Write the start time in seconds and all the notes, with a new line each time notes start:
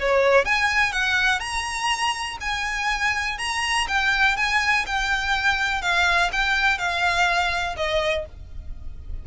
0.00 C#5
0.45 G#5
0.92 F#5
1.40 A#5
2.41 G#5
3.38 A#5
3.88 G5
4.37 G#5
4.86 G5
5.82 F5
6.32 G5
6.78 F5
7.77 D#5